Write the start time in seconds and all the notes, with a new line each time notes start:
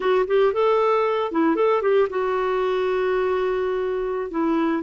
0.00 F#4
0.27 G4
0.53 A4
1.31 E4
1.55 A4
1.81 G4
2.09 F#4
4.30 E4